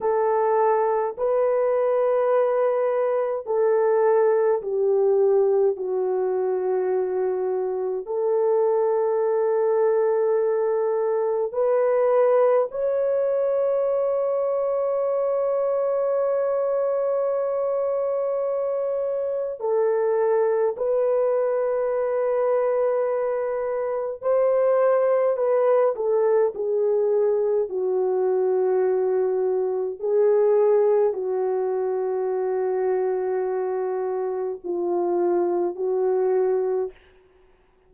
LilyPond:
\new Staff \with { instrumentName = "horn" } { \time 4/4 \tempo 4 = 52 a'4 b'2 a'4 | g'4 fis'2 a'4~ | a'2 b'4 cis''4~ | cis''1~ |
cis''4 a'4 b'2~ | b'4 c''4 b'8 a'8 gis'4 | fis'2 gis'4 fis'4~ | fis'2 f'4 fis'4 | }